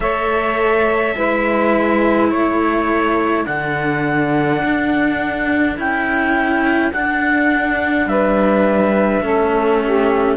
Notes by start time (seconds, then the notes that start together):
0.00 A3 A4 C#5 E5
1.16 G#3 E4 B4
2.30 A3 A4 C#5
3.44 D3 D4 F#5
4.63 D4
5.76 C#4 E4 G5
6.92 D4 F#5
8.06 G3 B4 E5
9.22 A3 C#4 A4
9.83 G4